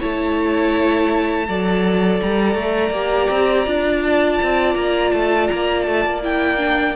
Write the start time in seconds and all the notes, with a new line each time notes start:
0.00 A3 E4 C#5 A5
1.48 F#3 A4 D5
2.22 G3 A#5
2.55 A3
2.91 A#3 G4
3.30 C4
3.66 D4 F4
4.03 A5
4.42 C4
4.75 A#3 A#5
5.12 A3 A5
5.48 A#3 A#5
5.83 A3 A5
6.05 A#3
6.22 E4 G5
6.58 D4